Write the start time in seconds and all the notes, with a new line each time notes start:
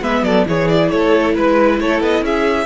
0.00 G#3 B3 B4 E5
0.22 F#3 A4 D5
0.45 E3 E4 G#4 C#5
0.68 D5
0.90 A3 A4 C#5
1.34 G#3 B4
1.79 A3 A4 C#5
2.00 B3 D#5
2.21 C#4 G#4 E5